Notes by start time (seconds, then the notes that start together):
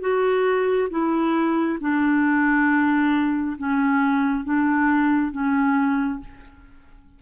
0.00 F#4
0.90 E4
1.80 D4
3.57 C#4
4.44 D4
5.31 C#4